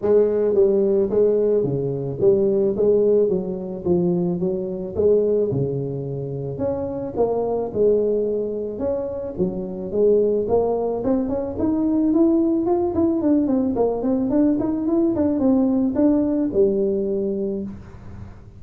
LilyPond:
\new Staff \with { instrumentName = "tuba" } { \time 4/4 \tempo 4 = 109 gis4 g4 gis4 cis4 | g4 gis4 fis4 f4 | fis4 gis4 cis2 | cis'4 ais4 gis2 |
cis'4 fis4 gis4 ais4 | c'8 cis'8 dis'4 e'4 f'8 e'8 | d'8 c'8 ais8 c'8 d'8 dis'8 e'8 d'8 | c'4 d'4 g2 | }